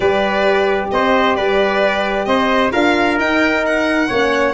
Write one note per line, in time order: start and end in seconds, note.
0.00 0.89 G3
0.00 2.72 G4
0.00 0.89 B4
0.00 0.90 D5
0.90 1.37 C4
0.90 1.36 C5
0.90 1.35 D#5
1.35 2.26 G3
1.35 2.27 B4
1.35 2.25 D5
2.25 2.71 C4
2.25 2.72 C5
2.25 2.70 D#5
2.72 3.18 D4
2.72 3.16 F4
2.72 4.08 A#4
2.72 3.18 F5
3.16 4.07 D#4
3.16 4.09 D#4
3.16 3.65 G5
3.66 4.54 F#5
4.08 4.54 A#3
4.08 4.54 C#4
4.08 4.53 C#5